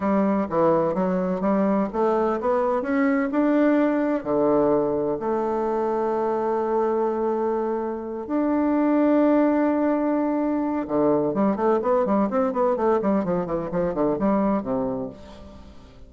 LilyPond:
\new Staff \with { instrumentName = "bassoon" } { \time 4/4 \tempo 4 = 127 g4 e4 fis4 g4 | a4 b4 cis'4 d'4~ | d'4 d2 a4~ | a1~ |
a4. d'2~ d'8~ | d'2. d4 | g8 a8 b8 g8 c'8 b8 a8 g8 | f8 e8 f8 d8 g4 c4 | }